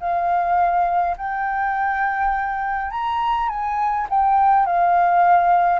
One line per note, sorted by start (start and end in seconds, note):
0.00 1.17 F5
1.17 2.91 G5
2.91 3.49 A#5
3.49 4.07 G#5
4.10 4.66 G5
4.66 5.80 F5